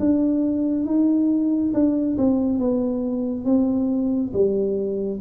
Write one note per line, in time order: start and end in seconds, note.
0.00 0.86 D4
0.86 1.73 D#4
1.74 2.17 D4
2.18 2.59 C4
2.59 3.45 B3
3.45 4.32 C4
4.34 5.21 G3